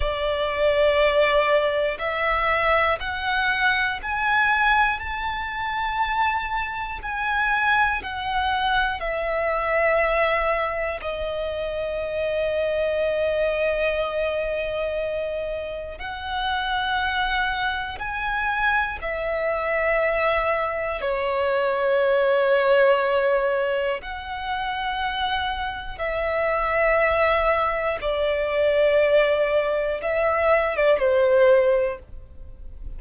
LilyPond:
\new Staff \with { instrumentName = "violin" } { \time 4/4 \tempo 4 = 60 d''2 e''4 fis''4 | gis''4 a''2 gis''4 | fis''4 e''2 dis''4~ | dis''1 |
fis''2 gis''4 e''4~ | e''4 cis''2. | fis''2 e''2 | d''2 e''8. d''16 c''4 | }